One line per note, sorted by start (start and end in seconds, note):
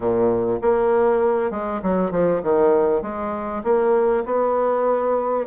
0.00 0.59 A#2
0.61 1.50 A#3
1.50 1.80 G#3
1.82 2.11 F#3
2.11 2.41 F3
2.42 3.02 D#3
3.02 3.62 G#3
3.63 4.24 A#3
4.25 5.46 B3